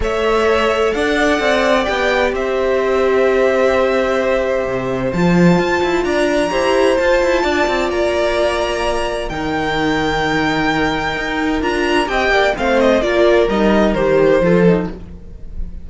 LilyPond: <<
  \new Staff \with { instrumentName = "violin" } { \time 4/4 \tempo 4 = 129 e''2 fis''2 | g''4 e''2.~ | e''2. a''4~ | a''4 ais''2 a''4~ |
a''4 ais''2. | g''1~ | g''4 ais''4 g''4 f''8 dis''8 | d''4 dis''4 c''2 | }
  \new Staff \with { instrumentName = "violin" } { \time 4/4 cis''2 d''2~ | d''4 c''2.~ | c''1~ | c''4 d''4 c''2 |
d''1 | ais'1~ | ais'2 dis''8 d''8 c''4 | ais'2. a'4 | }
  \new Staff \with { instrumentName = "viola" } { \time 4/4 a'1 | g'1~ | g'2. f'4~ | f'2 g'4 f'4~ |
f'1 | dis'1~ | dis'4 f'4 g'4 c'4 | f'4 dis'4 g'4 f'8 dis'8 | }
  \new Staff \with { instrumentName = "cello" } { \time 4/4 a2 d'4 c'4 | b4 c'2.~ | c'2 c4 f4 | f'8 e'8 d'4 e'4 f'8 e'8 |
d'8 c'8 ais2. | dis1 | dis'4 d'4 c'8 ais8 a4 | ais4 g4 dis4 f4 | }
>>